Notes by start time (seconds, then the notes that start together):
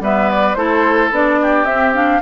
0.00 G3 B3 B4 E5
0.30 D5
0.54 A3 E4 A4 C5
1.10 B3 D4 D5
1.41 G4
1.64 C4 E5
1.94 D4 F5